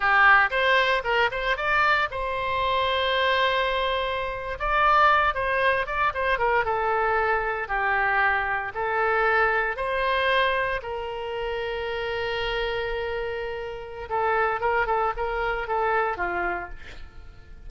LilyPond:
\new Staff \with { instrumentName = "oboe" } { \time 4/4 \tempo 4 = 115 g'4 c''4 ais'8 c''8 d''4 | c''1~ | c''8. d''4. c''4 d''8 c''16~ | c''16 ais'8 a'2 g'4~ g'16~ |
g'8. a'2 c''4~ c''16~ | c''8. ais'2.~ ais'16~ | ais'2. a'4 | ais'8 a'8 ais'4 a'4 f'4 | }